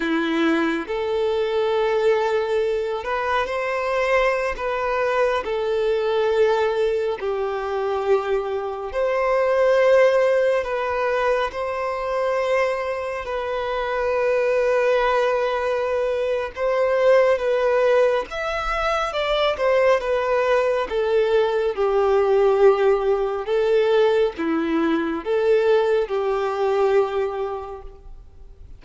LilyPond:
\new Staff \with { instrumentName = "violin" } { \time 4/4 \tempo 4 = 69 e'4 a'2~ a'8 b'8 | c''4~ c''16 b'4 a'4.~ a'16~ | a'16 g'2 c''4.~ c''16~ | c''16 b'4 c''2 b'8.~ |
b'2. c''4 | b'4 e''4 d''8 c''8 b'4 | a'4 g'2 a'4 | e'4 a'4 g'2 | }